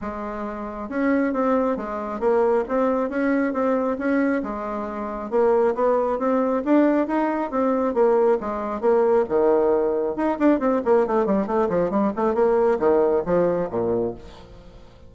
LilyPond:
\new Staff \with { instrumentName = "bassoon" } { \time 4/4 \tempo 4 = 136 gis2 cis'4 c'4 | gis4 ais4 c'4 cis'4 | c'4 cis'4 gis2 | ais4 b4 c'4 d'4 |
dis'4 c'4 ais4 gis4 | ais4 dis2 dis'8 d'8 | c'8 ais8 a8 g8 a8 f8 g8 a8 | ais4 dis4 f4 ais,4 | }